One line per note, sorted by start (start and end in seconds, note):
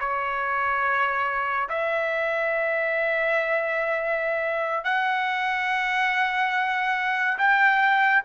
0.00 1.69 C#5
1.69 4.85 E5
4.85 7.38 F#5
7.39 8.23 G5